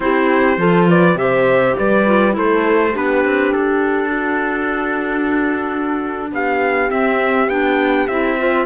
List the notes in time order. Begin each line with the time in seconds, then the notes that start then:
0.00 C4 E4 G4 C5
0.57 F3 F4 A4
0.88 B4 D5
1.15 C3 G4 C5 E5
1.77 G3 B4 D5
2.05 F4
2.31 A3 E4 A4
2.37 C5
2.92 B3 D4 G4 B4
3.24 C4
3.52 D4 A4
4.08 F#4
6.31 B3 G4 F5
6.89 C4 E5
7.48 B3 D4 G5
8.07 C4 E4 E5
8.38 F4 C5